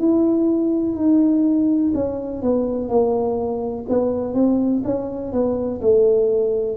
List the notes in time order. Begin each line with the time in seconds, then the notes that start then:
0.00 E4
0.96 D#4
1.95 C#4
2.43 B3
2.89 A#3
3.89 B3
4.35 C4
4.85 C#4
5.33 B3
5.82 A3